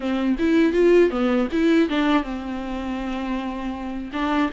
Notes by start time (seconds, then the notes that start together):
0.00 C4
0.38 E4
0.73 F4
1.10 B3
1.52 E4
1.89 D4
2.23 C4
4.12 D4